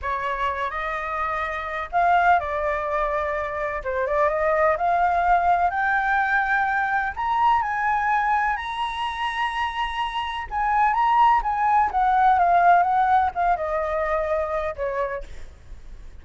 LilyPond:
\new Staff \with { instrumentName = "flute" } { \time 4/4 \tempo 4 = 126 cis''4. dis''2~ dis''8 | f''4 d''2. | c''8 d''8 dis''4 f''2 | g''2. ais''4 |
gis''2 ais''2~ | ais''2 gis''4 ais''4 | gis''4 fis''4 f''4 fis''4 | f''8 dis''2~ dis''8 cis''4 | }